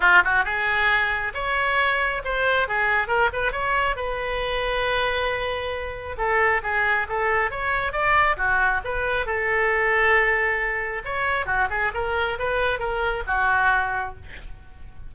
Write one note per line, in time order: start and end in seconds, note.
0.00 0.22 F4
0.24 0.44 F#4
0.44 1.32 G#4
1.34 2.22 C#5
2.24 2.68 C5
2.68 3.07 G#4
3.07 3.29 A#4
3.32 3.52 B4
3.52 3.95 C#5
3.95 6.16 B4
6.17 6.61 A4
6.63 7.07 G#4
7.08 7.50 A4
7.50 7.92 C#5
7.92 8.36 D5
8.36 8.81 F#4
8.84 9.26 B4
9.26 11.02 A4
11.04 11.46 C#5
11.46 11.68 F#4
11.70 11.92 G#4
11.94 12.38 A#4
12.39 12.79 B4
12.79 13.23 A#4
13.27 14.15 F#4